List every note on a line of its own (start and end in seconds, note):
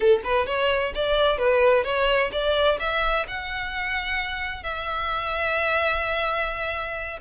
0.00 0.21 A4
0.23 0.46 B4
0.46 0.93 C#5
0.95 1.37 D5
1.37 1.84 B4
1.84 2.30 C#5
2.32 2.78 D5
2.79 3.26 E5
3.27 4.63 F#5
4.63 7.19 E5